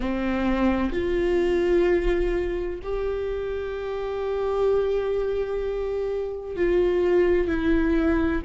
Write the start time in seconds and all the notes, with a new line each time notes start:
0.00 C4
0.92 F4
2.83 G4
6.56 F4
7.47 E4